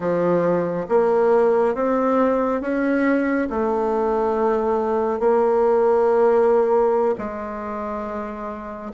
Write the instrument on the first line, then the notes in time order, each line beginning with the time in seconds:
bassoon
0.00 F3
0.89 A#3
1.74 C4
2.61 C#4
3.50 A3
5.19 A#3
7.18 G#3